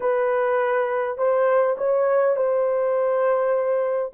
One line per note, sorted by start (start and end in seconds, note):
0.00 1.17 B4
1.17 1.76 C5
1.77 2.35 C#5
2.35 4.12 C5